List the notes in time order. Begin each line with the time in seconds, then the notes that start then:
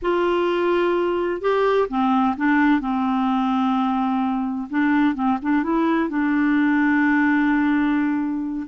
0.01 F4
1.41 G4
1.89 C4
2.36 D4
2.80 C4
4.70 D4
5.14 C4
5.42 D4
5.63 E4
6.09 D4